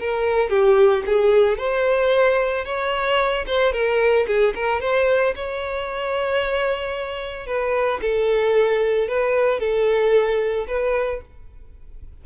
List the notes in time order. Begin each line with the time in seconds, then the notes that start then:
0.00 A#4
0.50 G4
1.06 G#4
1.58 C5
2.65 C#5
3.47 C5
3.73 A#4
4.27 G#4
4.55 A#4
4.81 C5
5.35 C#5
7.47 B4
8.02 A4
9.08 B4
9.60 A4
10.68 B4